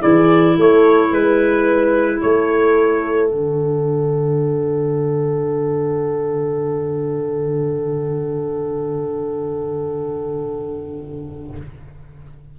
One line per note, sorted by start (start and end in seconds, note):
0.00 0.58 E3
0.00 3.30 E4
0.00 0.55 G#4
0.00 0.57 D5
0.58 1.11 A3
0.58 1.11 A4
0.58 1.13 C#5
1.11 2.21 G#3
1.11 2.21 B4
2.21 3.32 A3
2.21 11.59 A4
2.21 3.30 C#5
3.30 11.57 D3
3.30 11.56 D4
3.30 11.56 F#5